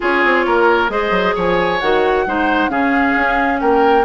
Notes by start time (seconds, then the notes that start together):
0.00 C#4 F4 G#4 C#5
0.24 C4
0.46 A#3 A#4
0.89 G#3 G#4 C5 D#5
1.10 F#3
1.35 F3 C#5 G#5
1.80 D#3 F#4 F#5
2.26 G#3 D#4 C5
2.68 C#3 C#4 G#4 F5
3.16 C#4
3.60 A#3 A#4 G5